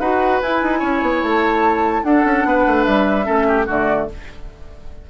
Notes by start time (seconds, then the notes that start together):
0.00 D#4 F#4 B4 F#5
0.42 E4 G#5
0.63 D#4
0.80 C#4 C#5
1.02 B3
1.23 A3 A5
2.04 D4 A4 F#5
2.25 C#4
2.45 B3 B4
2.67 A3
2.84 G3 E5
3.24 A3 C#4 A4
3.48 G4
3.67 D3 A3 F#4 D5